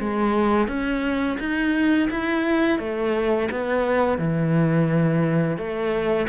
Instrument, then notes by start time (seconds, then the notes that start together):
cello
0.00 G#3
0.68 C#4
1.40 D#4
2.11 E4
2.79 A3
3.51 B3
4.18 E3
5.58 A3